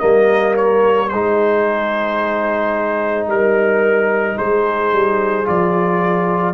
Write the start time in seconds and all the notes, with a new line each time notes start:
0.00 G3 A#3 A#4 D#5
0.57 C#5
1.09 G#3 D#4 G#4 C5
3.28 G3 A#4
4.38 G#3 G#4 C5
4.93 G3
5.45 F3 F4 D5